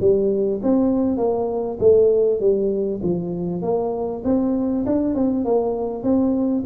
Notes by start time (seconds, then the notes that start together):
0.00 G3
0.63 C4
1.17 A#3
1.79 A3
2.40 G3
3.02 F3
3.62 A#3
4.24 C4
4.86 D4
5.15 C4
5.45 A#3
6.03 C4